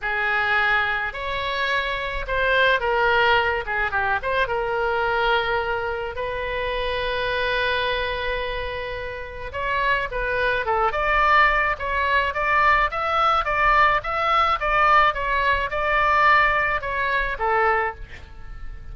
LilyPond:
\new Staff \with { instrumentName = "oboe" } { \time 4/4 \tempo 4 = 107 gis'2 cis''2 | c''4 ais'4. gis'8 g'8 c''8 | ais'2. b'4~ | b'1~ |
b'4 cis''4 b'4 a'8 d''8~ | d''4 cis''4 d''4 e''4 | d''4 e''4 d''4 cis''4 | d''2 cis''4 a'4 | }